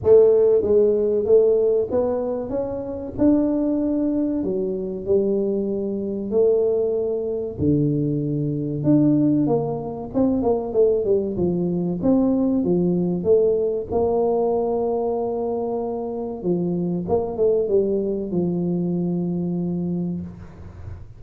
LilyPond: \new Staff \with { instrumentName = "tuba" } { \time 4/4 \tempo 4 = 95 a4 gis4 a4 b4 | cis'4 d'2 fis4 | g2 a2 | d2 d'4 ais4 |
c'8 ais8 a8 g8 f4 c'4 | f4 a4 ais2~ | ais2 f4 ais8 a8 | g4 f2. | }